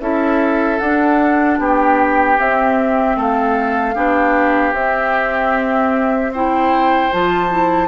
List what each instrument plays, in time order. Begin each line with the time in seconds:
0.00 bassoon C#4, clarinet E4, oboe A4, flute E5
0.79 clarinet D4, bassoon D4, flute F#5
1.59 bassoon B3, oboe G4, flute G5
2.37 clarinet C4, bassoon C4, flute E5
3.16 bassoon A3, oboe A4, flute F5
3.95 bassoon B3, clarinet D4, oboe G4
4.73 bassoon C4, clarinet C4, flute E5
6.33 clarinet E4, oboe C5, flute G5
7.11 bassoon F3, clarinet F4, flute A5
7.51 clarinet E4